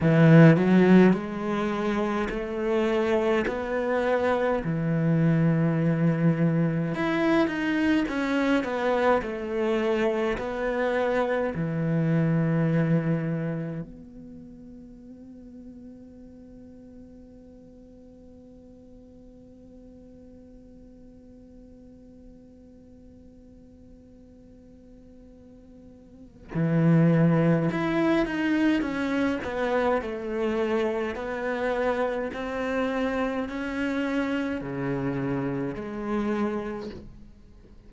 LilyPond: \new Staff \with { instrumentName = "cello" } { \time 4/4 \tempo 4 = 52 e8 fis8 gis4 a4 b4 | e2 e'8 dis'8 cis'8 b8 | a4 b4 e2 | b1~ |
b1~ | b2. e4 | e'8 dis'8 cis'8 b8 a4 b4 | c'4 cis'4 cis4 gis4 | }